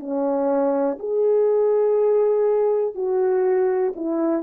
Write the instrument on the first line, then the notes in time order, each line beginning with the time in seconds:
horn
0.00 C#4
0.99 G#4
2.95 F#4
3.96 E4